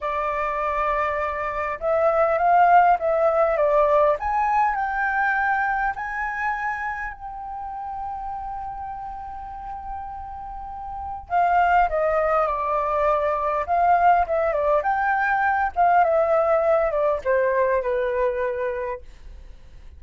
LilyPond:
\new Staff \with { instrumentName = "flute" } { \time 4/4 \tempo 4 = 101 d''2. e''4 | f''4 e''4 d''4 gis''4 | g''2 gis''2 | g''1~ |
g''2. f''4 | dis''4 d''2 f''4 | e''8 d''8 g''4. f''8 e''4~ | e''8 d''8 c''4 b'2 | }